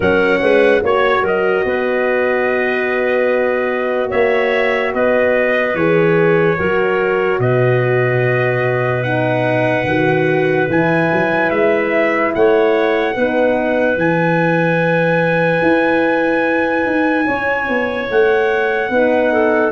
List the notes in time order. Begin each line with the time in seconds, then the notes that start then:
0.00 F#3 C#4 A#4 F#5
0.40 G#3 B4
0.82 A#3 F#4 C#5
1.22 F#3 A#4 D#5
1.65 B3 B4
4.09 A#3 C#5 E5
4.93 B3 B4 D#5
5.74 E3 G#4 C#5
6.57 F#3 F#4 A#4
7.39 B2 B4 D#5
9.03 D#4 F#5
9.84 D#3 F#4
10.69 E3 E4 G#5
11.12 F#3
11.50 G#3 E5
12.34 A3 C#5 F#5
13.14 B3 D#4 B4
13.96 E3 E4 G#5
15.61 E4
16.86 D#4
17.26 C#4 C#5
17.68 B3
18.10 A3 F#5
18.89 B3 D#4 B4
19.32 A4